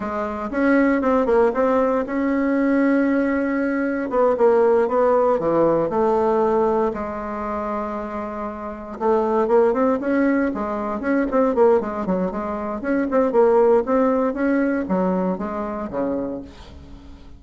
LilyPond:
\new Staff \with { instrumentName = "bassoon" } { \time 4/4 \tempo 4 = 117 gis4 cis'4 c'8 ais8 c'4 | cis'1 | b8 ais4 b4 e4 a8~ | a4. gis2~ gis8~ |
gis4. a4 ais8 c'8 cis'8~ | cis'8 gis4 cis'8 c'8 ais8 gis8 fis8 | gis4 cis'8 c'8 ais4 c'4 | cis'4 fis4 gis4 cis4 | }